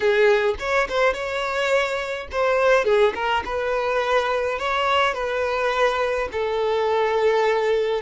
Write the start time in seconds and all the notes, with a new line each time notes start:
0.00 G#4
0.59 C#5
0.88 C5
1.13 C#5
2.31 C5
2.84 G#4
3.14 A#4
3.45 B4
4.58 C#5
5.14 B4
6.32 A4